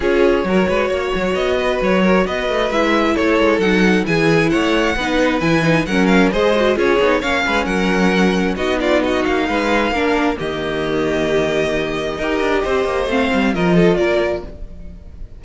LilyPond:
<<
  \new Staff \with { instrumentName = "violin" } { \time 4/4 \tempo 4 = 133 cis''2. dis''4 | cis''4 dis''4 e''4 cis''4 | fis''4 gis''4 fis''2 | gis''4 fis''8 f''8 dis''4 cis''4 |
f''4 fis''2 dis''8 d''8 | dis''8 f''2~ f''8 dis''4~ | dis''1~ | dis''4 f''4 dis''4 d''4 | }
  \new Staff \with { instrumentName = "violin" } { \time 4/4 gis'4 ais'8 b'8 cis''4. b'8~ | b'8 ais'8 b'2 a'4~ | a'4 gis'4 cis''4 b'4~ | b'4 ais'4 c''4 gis'4 |
cis''8 b'8 ais'2 fis'8 f'8 | fis'4 b'4 ais'4 g'4~ | g'2. ais'4 | c''2 ais'8 a'8 ais'4 | }
  \new Staff \with { instrumentName = "viola" } { \time 4/4 f'4 fis'2.~ | fis'2 e'2 | dis'4 e'2 dis'4 | e'8 dis'8 cis'4 gis'8 fis'8 f'8 dis'8 |
cis'2. dis'4~ | dis'2 d'4 ais4~ | ais2. g'4~ | g'4 c'4 f'2 | }
  \new Staff \with { instrumentName = "cello" } { \time 4/4 cis'4 fis8 gis8 ais8 fis8 b4 | fis4 b8 a8 gis4 a8 gis8 | fis4 e4 a4 b4 | e4 fis4 gis4 cis'8 b8 |
ais8 gis8 fis2 b4~ | b8 ais8 gis4 ais4 dis4~ | dis2. dis'8 d'8 | c'8 ais8 a8 g8 f4 ais4 | }
>>